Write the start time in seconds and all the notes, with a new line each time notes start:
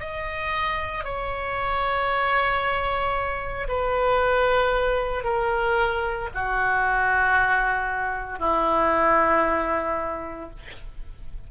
0.00 D#5
1.05 C#5
3.68 B4
5.24 A#4
6.34 F#4
8.39 E4